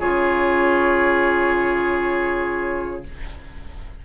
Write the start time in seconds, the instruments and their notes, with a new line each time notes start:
0.00 bassoon C#3, clarinet F4, oboe G#4, flute C#5